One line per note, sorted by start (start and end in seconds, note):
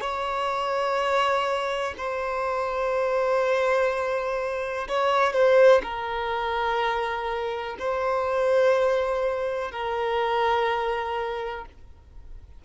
0.00 1.94 C#5
1.97 4.87 C5
4.88 5.33 C#5
5.33 5.81 C5
5.83 7.76 A#4
7.79 9.71 C5
9.71 11.65 A#4